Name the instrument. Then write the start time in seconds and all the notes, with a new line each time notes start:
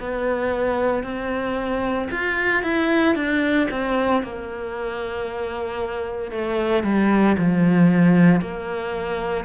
cello
0.00 B3
1.04 C4
2.11 F4
2.64 E4
3.16 D4
3.71 C4
4.23 A#3
6.32 A3
6.84 G3
7.39 F3
8.42 A#3